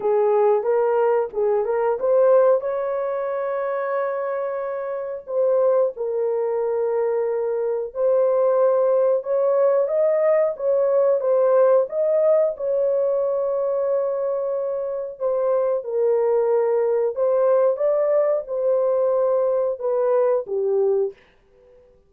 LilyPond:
\new Staff \with { instrumentName = "horn" } { \time 4/4 \tempo 4 = 91 gis'4 ais'4 gis'8 ais'8 c''4 | cis''1 | c''4 ais'2. | c''2 cis''4 dis''4 |
cis''4 c''4 dis''4 cis''4~ | cis''2. c''4 | ais'2 c''4 d''4 | c''2 b'4 g'4 | }